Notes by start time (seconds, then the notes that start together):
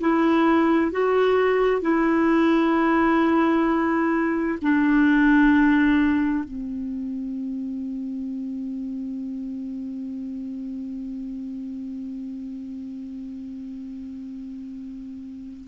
0.00 E4
0.91 F#4
1.82 E4
4.62 D4
6.44 C4